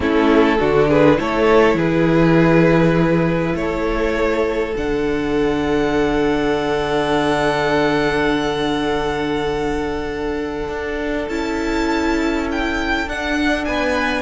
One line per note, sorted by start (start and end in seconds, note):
0.00 0.58 A3
0.00 0.58 C#4
0.00 0.59 E4
0.00 0.89 A4
0.58 1.19 D3
0.58 1.17 D4
0.58 0.87 F#4
0.87 1.17 G#4
0.87 1.19 B4
1.17 1.74 A3
1.17 4.73 E4
1.17 1.76 A4
1.17 1.78 C#5
1.74 3.52 E3
1.74 3.54 G#4
1.74 3.56 B4
3.55 4.74 A3
3.55 13.68 A4
3.55 4.74 C#5
4.76 10.68 D3
4.76 11.29 D4
4.76 11.28 F#5
10.68 11.27 D4
11.28 13.06 C#4
11.28 13.07 E4
11.28 12.47 A5
12.51 13.09 G5
13.06 13.66 D4
13.06 14.22 D4
13.06 13.64 F#5
13.64 14.22 B3
13.64 14.22 B4
13.64 14.22 G#5